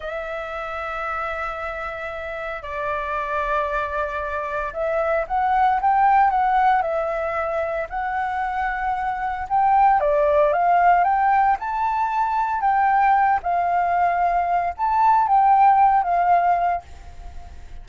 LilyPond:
\new Staff \with { instrumentName = "flute" } { \time 4/4 \tempo 4 = 114 e''1~ | e''4 d''2.~ | d''4 e''4 fis''4 g''4 | fis''4 e''2 fis''4~ |
fis''2 g''4 d''4 | f''4 g''4 a''2 | g''4. f''2~ f''8 | a''4 g''4. f''4. | }